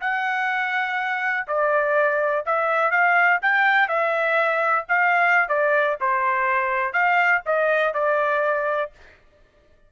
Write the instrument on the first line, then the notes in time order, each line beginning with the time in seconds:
trumpet
0.00 F#5
1.47 D5
2.46 E5
2.91 F5
3.41 G5
3.88 E5
4.88 F5
5.48 D5
6.00 C5
6.92 F5
7.46 D#5
7.94 D5